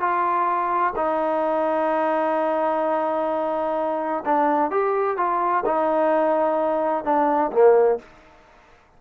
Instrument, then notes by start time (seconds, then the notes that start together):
trombone
0.00 F4
0.96 D#4
4.25 D4
4.71 G4
5.17 F4
5.66 D#4
7.04 D4
7.52 A#3